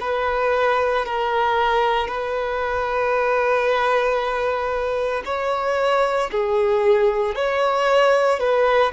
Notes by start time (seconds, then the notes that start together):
0.00 B4
1.05 A#4
2.07 B4
5.25 C#5
6.31 G#4
7.35 C#5
8.39 B4